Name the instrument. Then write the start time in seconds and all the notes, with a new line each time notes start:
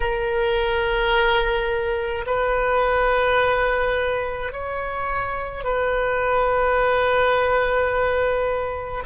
oboe
0.00 A#4
2.26 B4
4.52 C#5
5.63 B4